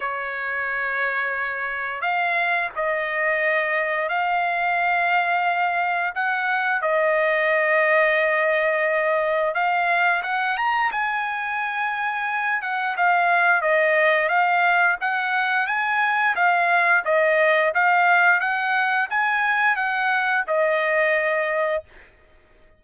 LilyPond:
\new Staff \with { instrumentName = "trumpet" } { \time 4/4 \tempo 4 = 88 cis''2. f''4 | dis''2 f''2~ | f''4 fis''4 dis''2~ | dis''2 f''4 fis''8 ais''8 |
gis''2~ gis''8 fis''8 f''4 | dis''4 f''4 fis''4 gis''4 | f''4 dis''4 f''4 fis''4 | gis''4 fis''4 dis''2 | }